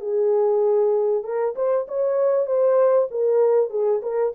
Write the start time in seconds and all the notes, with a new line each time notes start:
0.00 G#4
1.23 A#4
1.55 C5
1.88 C#5
2.46 C5
3.11 A#4
3.70 G#4
4.02 A#4